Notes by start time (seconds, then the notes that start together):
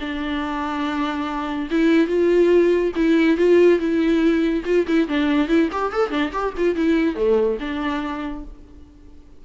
0.00 D4
1.71 E4
2.07 F4
2.96 E4
3.37 F4
3.79 E4
4.65 F4
4.87 E4
5.08 D4
5.48 E4
5.72 G4
5.92 A4
6.11 D4
6.32 G4
6.57 F4
6.75 E4
7.15 A3
7.60 D4